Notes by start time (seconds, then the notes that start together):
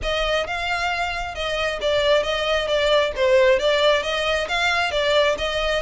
0.02 D#5
0.46 F5
1.34 D#5
1.81 D5
2.23 D#5
2.67 D5
3.15 C5
3.59 D5
4.02 D#5
4.48 F5
4.91 D5
5.38 D#5